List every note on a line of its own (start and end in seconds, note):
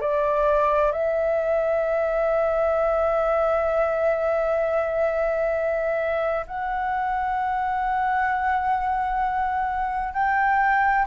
0.00 0.91 D5
0.91 6.45 E5
6.47 10.13 F#5
10.13 11.06 G5